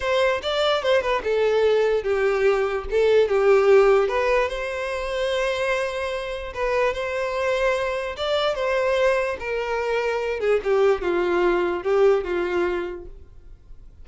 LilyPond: \new Staff \with { instrumentName = "violin" } { \time 4/4 \tempo 4 = 147 c''4 d''4 c''8 b'8 a'4~ | a'4 g'2 a'4 | g'2 b'4 c''4~ | c''1 |
b'4 c''2. | d''4 c''2 ais'4~ | ais'4. gis'8 g'4 f'4~ | f'4 g'4 f'2 | }